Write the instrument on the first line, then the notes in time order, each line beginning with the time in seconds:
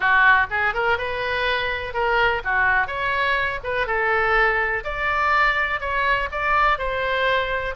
oboe
0.00 F#4
0.50 G#4
0.73 A#4
0.98 B4
1.93 A#4
2.44 F#4
2.87 C#5
3.63 B4
3.86 A4
4.84 D5
5.80 C#5
6.31 D5
6.78 C5